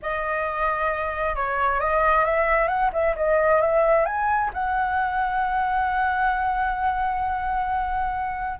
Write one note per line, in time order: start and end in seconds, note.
0.02 1.35 D#5
1.35 1.80 C#5
1.80 2.24 D#5
2.24 2.68 E5
2.68 2.90 F#5
2.92 3.15 E5
3.16 3.61 D#5
3.61 4.05 E5
4.05 4.50 G#5
4.53 8.59 F#5